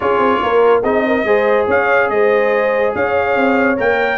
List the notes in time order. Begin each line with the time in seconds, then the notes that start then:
0.00 C#4 F4 G#4 C#5
0.18 C4
0.42 A#3 A#4
0.83 C4 D#4 G#4 D#5
1.06 A#4
1.24 G#3 G#4 C5
1.67 C#4 C#5 F5
2.09 G#3 C5 D#5
2.94 C#4 C#5 F5
3.35 C4
3.77 A#3 A#4 G5